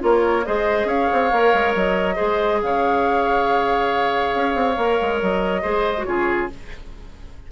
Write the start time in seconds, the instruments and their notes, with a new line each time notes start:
0.00 bassoon A#3, clarinet F4, oboe A#4, flute C#5
0.45 bassoon G#3, clarinet G#4, oboe C5, flute D#5
0.85 bassoon C#4, oboe C#5, flute F5
1.12 bassoon C4
1.32 bassoon A#3, clarinet A#4
1.53 bassoon G#3
1.75 bassoon F#3, flute D#5
2.15 bassoon G#3, clarinet G#4, oboe C5
2.62 bassoon C#3, oboe C#5, flute F5
4.35 bassoon C#4
4.55 bassoon C4
4.77 bassoon A#3, clarinet A#4
5.01 bassoon G#3
5.21 bassoon F#3, flute D#5
5.62 bassoon G#3, clarinet G#4, oboe C5
5.97 clarinet F#4
6.04 bassoon C#3, clarinet F4, oboe G#4, flute C#5